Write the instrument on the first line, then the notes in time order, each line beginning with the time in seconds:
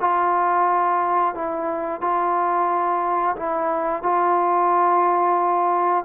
trombone
0.00 F4
1.35 E4
2.01 F4
3.36 E4
4.03 F4